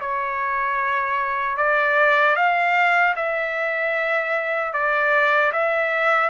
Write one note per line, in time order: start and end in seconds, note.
0.00 1.57 C#5
1.57 2.35 D5
2.35 3.14 F5
3.16 4.73 E5
4.73 5.52 D5
5.52 6.29 E5